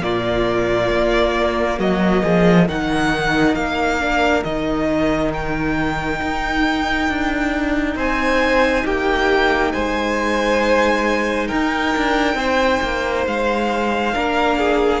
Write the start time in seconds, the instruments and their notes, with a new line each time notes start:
0.00 cello A#2, viola A#3, violin F4 D5
0.91 cello A#3
1.78 cello F#3, violin F#4 D#5
2.23 cello F3, violin G#4
2.67 cello D#3, viola D#4, violin A#4 F#5
3.54 cello A#3, violin F5
4.00 viola D4
4.43 cello D#3, viola D#4, violin D#5
5.33 violin G5
6.21 cello D#4
7.08 cello D4
7.95 cello C4, violin C5 G#5
8.85 cello A#3, violin G4 G5
9.72 cello G#3, violin C5 G#5
11.47 cello D#4, violin A#4 G5
11.96 cello D4
12.34 cello C4, violin C5
12.82 cello A#3
13.26 cello G#3, violin F5
14.13 cello A#3, viola D4, violin A#4
14.58 violin G#4